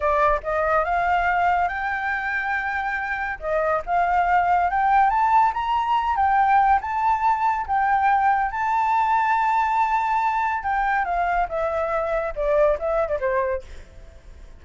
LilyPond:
\new Staff \with { instrumentName = "flute" } { \time 4/4 \tempo 4 = 141 d''4 dis''4 f''2 | g''1 | dis''4 f''2 g''4 | a''4 ais''4. g''4. |
a''2 g''2 | a''1~ | a''4 g''4 f''4 e''4~ | e''4 d''4 e''8. d''16 c''4 | }